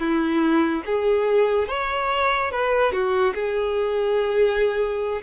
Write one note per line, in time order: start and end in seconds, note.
0.00 0.83 E4
0.86 1.69 G#4
1.69 2.52 C#5
2.52 2.92 B4
2.92 3.34 F#4
3.34 5.22 G#4